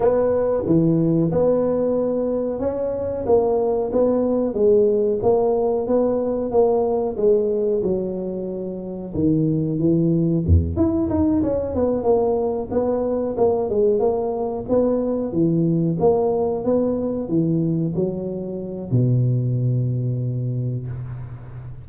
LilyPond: \new Staff \with { instrumentName = "tuba" } { \time 4/4 \tempo 4 = 92 b4 e4 b2 | cis'4 ais4 b4 gis4 | ais4 b4 ais4 gis4 | fis2 dis4 e4 |
e,8 e'8 dis'8 cis'8 b8 ais4 b8~ | b8 ais8 gis8 ais4 b4 e8~ | e8 ais4 b4 e4 fis8~ | fis4 b,2. | }